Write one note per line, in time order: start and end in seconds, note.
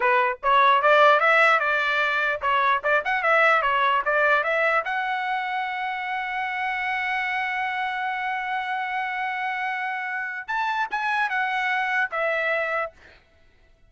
0.00 0.38 B4
0.42 0.82 C#5
0.82 1.20 D5
1.20 1.59 E5
1.59 2.40 D5
2.41 2.82 C#5
2.83 3.03 D5
3.04 3.23 F#5
3.23 3.62 E5
3.62 4.02 C#5
4.05 4.43 D5
4.43 4.83 E5
4.84 10.47 F#5
10.47 10.87 A5
10.90 11.29 G#5
11.29 12.10 F#5
12.11 12.92 E5